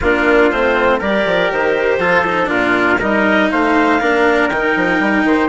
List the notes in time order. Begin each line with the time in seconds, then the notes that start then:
0.01 A#3 D4 F4 A#4
0.50 A3 C4 C5
0.98 G3 G4 A#4 D5
1.25 F3
1.51 D#3 C5
1.98 F3 F4 A4
2.25 D#4
2.46 A#2 D4 F4 A#4
2.99 G3 D#4 A#4 D#5
3.51 A3 C5 F5
4.00 A#3 D4 A#4
4.48 D#3 D#4 G5
4.76 F3
4.99 G3
5.24 D#3 C5